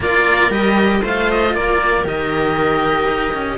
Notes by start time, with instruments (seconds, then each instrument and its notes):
0.00 cello A#3 F4, viola A#4, oboe D5
0.50 cello G3 G4, oboe D#5
1.02 cello A3 F4, viola C5, oboe F5
1.30 oboe D#5
1.53 cello A#3, viola A#4, oboe D5
2.04 cello D#3 G4, oboe D#5
3.07 cello D#4
3.33 cello C#4